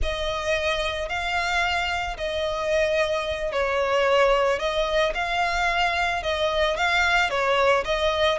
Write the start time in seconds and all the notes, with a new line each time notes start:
0.02 D#5
1.08 F5
2.17 D#5
3.51 C#5
4.59 D#5
5.14 F5
6.22 D#5
6.76 F5
7.29 C#5
7.84 D#5